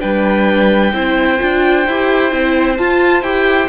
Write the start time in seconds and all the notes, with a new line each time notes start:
0.00 G3 D4 B4 G5
0.93 C4 E4 C5
1.39 D4 F4
1.87 E4 G4
2.31 C4 E4
2.78 F4 A5
3.22 E4 G4 G5